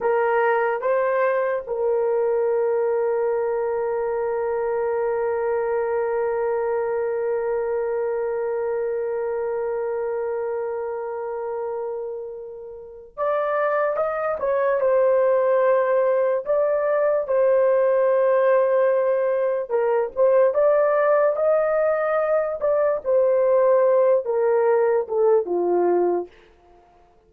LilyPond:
\new Staff \with { instrumentName = "horn" } { \time 4/4 \tempo 4 = 73 ais'4 c''4 ais'2~ | ais'1~ | ais'1~ | ais'1 |
d''4 dis''8 cis''8 c''2 | d''4 c''2. | ais'8 c''8 d''4 dis''4. d''8 | c''4. ais'4 a'8 f'4 | }